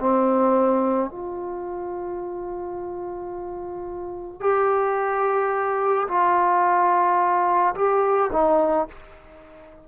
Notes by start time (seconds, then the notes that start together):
0.00 C4
1.11 F4
4.41 G4
6.08 F4
7.75 G4
8.33 D#4